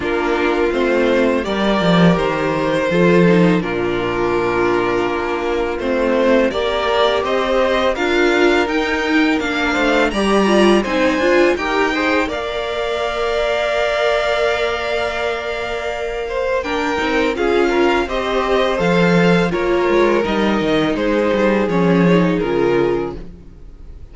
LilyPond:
<<
  \new Staff \with { instrumentName = "violin" } { \time 4/4 \tempo 4 = 83 ais'4 c''4 d''4 c''4~ | c''4 ais'2. | c''4 d''4 dis''4 f''4 | g''4 f''4 ais''4 gis''4 |
g''4 f''2.~ | f''2. g''4 | f''4 dis''4 f''4 cis''4 | dis''4 c''4 cis''4 ais'4 | }
  \new Staff \with { instrumentName = "violin" } { \time 4/4 f'2 ais'2 | a'4 f'2.~ | f'4 ais'4 c''4 ais'4~ | ais'4. c''8 d''4 c''4 |
ais'8 c''8 d''2.~ | d''2~ d''8 c''8 ais'4 | gis'8 ais'8 c''2 ais'4~ | ais'4 gis'2. | }
  \new Staff \with { instrumentName = "viola" } { \time 4/4 d'4 c'4 g'2 | f'8 dis'8 d'2. | c'4 g'2 f'4 | dis'4 d'4 g'8 f'8 dis'8 f'8 |
g'8 gis'8 ais'2.~ | ais'2. d'8 dis'8 | f'4 g'4 a'4 f'4 | dis'2 cis'8 dis'8 f'4 | }
  \new Staff \with { instrumentName = "cello" } { \time 4/4 ais4 a4 g8 f8 dis4 | f4 ais,2 ais4 | a4 ais4 c'4 d'4 | dis'4 ais8 a8 g4 c'8 d'8 |
dis'4 ais2.~ | ais2.~ ais8 c'8 | cis'4 c'4 f4 ais8 gis8 | g8 dis8 gis8 g8 f4 cis4 | }
>>